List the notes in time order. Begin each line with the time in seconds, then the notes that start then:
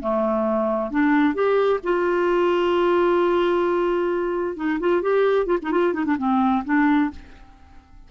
0.00 A3
0.91 D4
1.34 G4
1.83 F4
4.56 D#4
4.79 F4
5.02 G4
5.46 F4
5.62 D#4
5.71 F4
5.93 D#4
6.05 D4
6.18 C4
6.65 D4